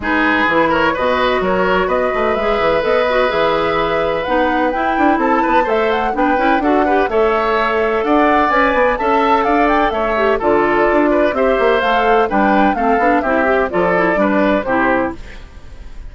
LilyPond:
<<
  \new Staff \with { instrumentName = "flute" } { \time 4/4 \tempo 4 = 127 b'4. cis''8 dis''4 cis''4 | dis''4 e''4 dis''4 e''4~ | e''4 fis''4 g''4 a''4 | e''8 fis''8 g''4 fis''4 e''4~ |
e''4 fis''4 gis''4 a''4 | f''8 g''8 e''4 d''2 | e''4 f''4 g''4 f''4 | e''4 d''2 c''4 | }
  \new Staff \with { instrumentName = "oboe" } { \time 4/4 gis'4. ais'8 b'4 ais'4 | b'1~ | b'2. a'8 b'8 | c''4 b'4 a'8 b'8 cis''4~ |
cis''4 d''2 e''4 | d''4 cis''4 a'4. b'8 | c''2 b'4 a'4 | g'4 a'4 b'4 g'4 | }
  \new Staff \with { instrumentName = "clarinet" } { \time 4/4 dis'4 e'4 fis'2~ | fis'4 gis'4 a'8 fis'8 gis'4~ | gis'4 dis'4 e'2 | a'4 d'8 e'8 fis'8 g'8 a'4~ |
a'2 b'4 a'4~ | a'4. g'8 f'2 | g'4 a'4 d'4 c'8 d'8 | e'8 g'8 f'8 e'8 d'4 e'4 | }
  \new Staff \with { instrumentName = "bassoon" } { \time 4/4 gis4 e4 b,4 fis4 | b8 a8 gis8 e8 b4 e4~ | e4 b4 e'8 d'8 c'8 b8 | a4 b8 cis'8 d'4 a4~ |
a4 d'4 cis'8 b8 cis'4 | d'4 a4 d4 d'4 | c'8 ais8 a4 g4 a8 b8 | c'4 f4 g4 c4 | }
>>